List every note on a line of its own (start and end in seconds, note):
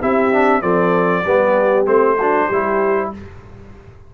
0.00 0.62 C4
0.00 0.32 E4
0.00 0.62 G4
0.00 0.61 E5
0.32 0.61 D4
0.61 1.24 F3
0.61 1.23 C4
0.61 1.24 A4
0.61 1.85 D5
1.24 1.86 G3
1.24 1.85 B3
1.24 2.17 G4
1.85 2.48 A3
1.85 2.16 C4
1.85 3.10 C5
2.17 2.52 D4
2.17 2.47 F#4
2.47 3.12 G3
2.47 3.14 E4
2.47 3.09 G4